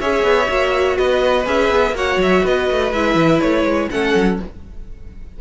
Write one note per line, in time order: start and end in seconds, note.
0.00 0.23 C#4
0.00 0.46 G#4
0.00 0.97 C#5
0.00 0.97 E5
0.23 0.47 B3
0.46 0.97 A#3
0.46 1.44 F#4
0.97 1.46 B3
0.97 1.94 B4
0.97 1.46 D#5
1.45 1.70 C#4
1.45 1.94 G#4
1.45 1.96 E5
1.70 1.92 B3
1.92 2.16 A#3
1.92 2.92 F#4
1.92 2.43 C#5
1.92 2.21 F#5
2.17 2.41 F#3
2.17 2.46 E5
2.43 2.70 B3
2.43 3.89 B4
2.43 2.92 D#5
2.71 2.92 A3
2.92 3.15 G#3
2.92 3.91 E4
2.92 3.41 E5
3.15 3.39 E3
3.41 3.64 A3
3.41 3.89 C#5
3.64 3.88 G#3
3.91 4.14 A3
3.91 4.39 C#4
3.91 4.41 A4
3.91 4.39 F#5
4.14 4.39 F#3